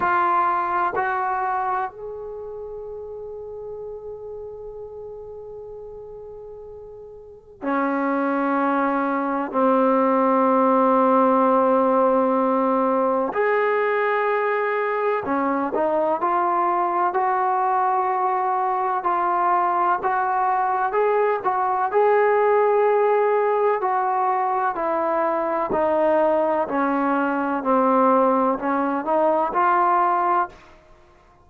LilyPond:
\new Staff \with { instrumentName = "trombone" } { \time 4/4 \tempo 4 = 63 f'4 fis'4 gis'2~ | gis'1 | cis'2 c'2~ | c'2 gis'2 |
cis'8 dis'8 f'4 fis'2 | f'4 fis'4 gis'8 fis'8 gis'4~ | gis'4 fis'4 e'4 dis'4 | cis'4 c'4 cis'8 dis'8 f'4 | }